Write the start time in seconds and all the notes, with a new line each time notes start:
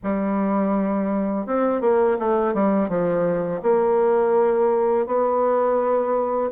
0.03 G3
1.46 C4
1.81 A#3
2.19 A3
2.53 G3
2.88 F3
3.62 A#3
5.06 B3